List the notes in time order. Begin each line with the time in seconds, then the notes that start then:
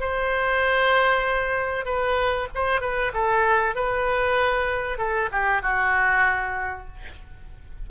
0.00 C5
1.85 B4
2.55 C5
2.81 B4
3.14 A4
3.75 B4
4.98 A4
5.32 G4
5.62 F#4